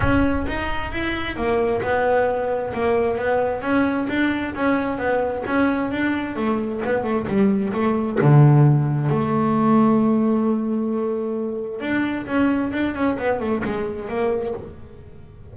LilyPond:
\new Staff \with { instrumentName = "double bass" } { \time 4/4 \tempo 4 = 132 cis'4 dis'4 e'4 ais4 | b2 ais4 b4 | cis'4 d'4 cis'4 b4 | cis'4 d'4 a4 b8 a8 |
g4 a4 d2 | a1~ | a2 d'4 cis'4 | d'8 cis'8 b8 a8 gis4 ais4 | }